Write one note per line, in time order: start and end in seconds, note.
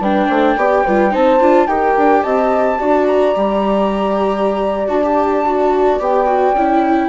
0.00 0.28 G3
0.00 0.58 D4
0.00 0.29 B4
0.00 1.15 G5
0.29 0.56 A3
0.29 0.56 C5
0.56 0.84 B3
0.56 0.86 G4
0.56 0.84 D5
0.84 1.15 G3
0.84 1.11 F4
0.84 1.12 B4
1.11 1.41 C4
1.11 1.39 D#4
1.11 1.68 C5
1.11 1.68 A5
1.41 1.68 D4
1.41 1.68 F4
1.68 1.96 D#4
1.68 2.79 G4
1.68 2.23 A#4
1.68 2.23 G5
1.98 2.25 D4
2.23 2.81 C4
2.23 2.79 D#5
2.23 3.06 A5
2.79 3.36 D4
2.79 3.35 F#4
2.79 7.09 D5
3.07 4.87 A#5
3.36 4.88 G3
3.36 4.88 G4
4.88 5.99 D4
4.88 5.02 F#4
4.88 6.00 A5
5.04 5.46 G4
5.46 6.00 F#4
5.99 6.54 B3
5.99 6.27 G4
5.99 7.09 G5
6.27 6.55 F#4
6.54 7.09 C#4
6.54 7.09 E4